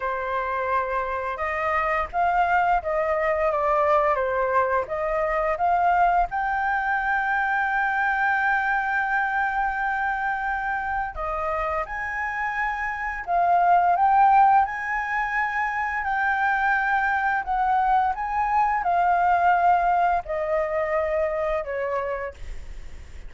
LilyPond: \new Staff \with { instrumentName = "flute" } { \time 4/4 \tempo 4 = 86 c''2 dis''4 f''4 | dis''4 d''4 c''4 dis''4 | f''4 g''2.~ | g''1 |
dis''4 gis''2 f''4 | g''4 gis''2 g''4~ | g''4 fis''4 gis''4 f''4~ | f''4 dis''2 cis''4 | }